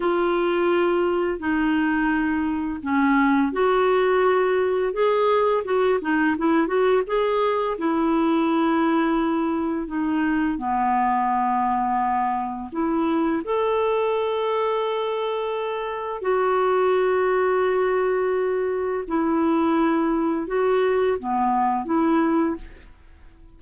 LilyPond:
\new Staff \with { instrumentName = "clarinet" } { \time 4/4 \tempo 4 = 85 f'2 dis'2 | cis'4 fis'2 gis'4 | fis'8 dis'8 e'8 fis'8 gis'4 e'4~ | e'2 dis'4 b4~ |
b2 e'4 a'4~ | a'2. fis'4~ | fis'2. e'4~ | e'4 fis'4 b4 e'4 | }